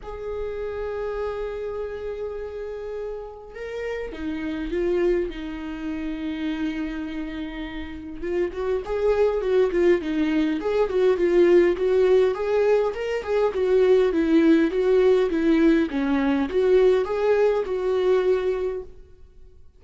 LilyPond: \new Staff \with { instrumentName = "viola" } { \time 4/4 \tempo 4 = 102 gis'1~ | gis'2 ais'4 dis'4 | f'4 dis'2.~ | dis'2 f'8 fis'8 gis'4 |
fis'8 f'8 dis'4 gis'8 fis'8 f'4 | fis'4 gis'4 ais'8 gis'8 fis'4 | e'4 fis'4 e'4 cis'4 | fis'4 gis'4 fis'2 | }